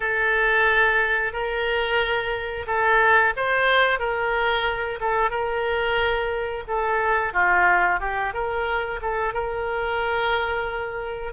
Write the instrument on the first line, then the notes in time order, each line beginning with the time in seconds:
oboe
0.00 A4
1.32 A#4
2.67 A4
3.36 C5
3.99 A#4
5.00 A4
5.30 A#4
6.67 A4
7.33 F4
8.00 G4
8.33 A#4
9.01 A4
9.33 A#4